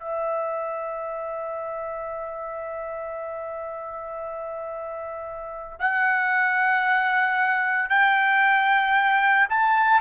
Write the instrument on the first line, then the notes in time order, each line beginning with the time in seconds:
trumpet
0.00 E5
5.80 F#5
7.90 G5
9.50 A5